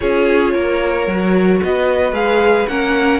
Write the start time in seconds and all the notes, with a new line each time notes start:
0.00 C#4 F4 G#4 C#5
0.53 A#3 A#4
1.07 F#3 F#4
1.63 B3 B4 D#5
2.12 G#3 G#4 F5
2.67 A#3 C#4 A#4 F#5